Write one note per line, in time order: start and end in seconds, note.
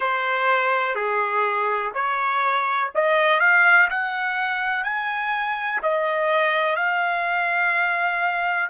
0.00 0.95 C5
0.95 1.91 G#4
1.94 2.90 C#5
2.94 3.40 D#5
3.40 3.88 F5
3.89 4.83 F#5
4.83 5.80 G#5
5.82 6.75 D#5
6.75 8.69 F5